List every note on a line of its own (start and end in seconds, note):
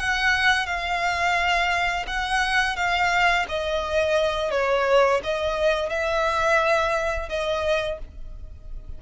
0.00 0.67 F#5
0.67 2.06 F5
2.07 2.77 F#5
2.77 3.46 F5
3.49 4.52 D#5
4.52 5.21 C#5
5.24 5.90 D#5
5.90 7.29 E5
7.29 7.99 D#5